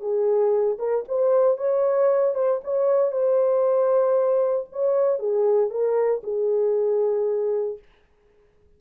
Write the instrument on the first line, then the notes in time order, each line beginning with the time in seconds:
horn
0.00 G#4
0.79 A#4
1.08 C5
1.57 C#5
2.34 C5
2.64 C#5
3.12 C5
4.72 C#5
5.19 G#4
5.70 A#4
6.23 G#4